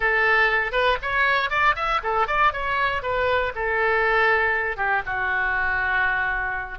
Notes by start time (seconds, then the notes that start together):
0.00 A4
0.72 B4
1.02 C#5
1.50 D5
1.75 E5
2.03 A4
2.27 D5
2.52 C#5
3.02 B4
3.55 A4
4.76 G4
5.06 F#4